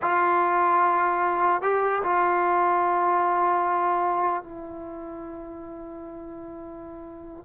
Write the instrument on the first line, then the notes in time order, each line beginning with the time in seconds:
trombone
0.02 F4
1.62 G4
2.03 F4
4.43 E4